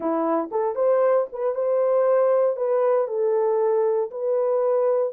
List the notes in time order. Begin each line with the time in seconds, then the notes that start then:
0.00 E4
0.51 A4
0.75 C5
1.32 B4
1.55 C5
2.56 B4
3.07 A4
4.10 B4